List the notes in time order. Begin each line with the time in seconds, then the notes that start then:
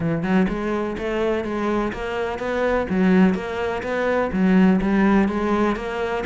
0.00 E3
0.22 F#3
0.48 G#3
0.98 A3
1.44 G#3
1.92 A#3
2.39 B3
2.89 F#3
3.34 A#3
3.83 B3
4.32 F#3
4.81 G3
5.28 G#3
5.76 A#3